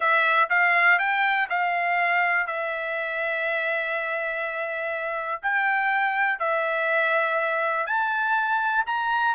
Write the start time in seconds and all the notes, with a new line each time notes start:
0.00 E5
0.49 F5
0.98 G5
1.49 F5
2.46 E5
5.42 G5
6.39 E5
7.86 A5
8.86 A#5